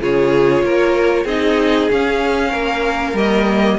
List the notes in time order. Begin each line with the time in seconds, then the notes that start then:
0.00 C#3 F4 G#4 C#5
0.62 A#3 A#4
1.24 C4 D#4 G#4 D#5
1.89 C#4 F5
2.49 A#3 A#4
3.13 G3 A#3 D#5